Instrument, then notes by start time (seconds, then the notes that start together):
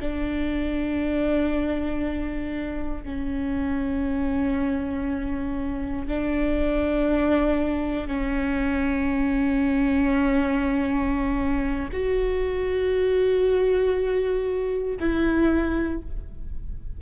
viola
0.00 D4
3.04 C#4
6.07 D4
8.07 C#4
11.92 F#4
15.00 E4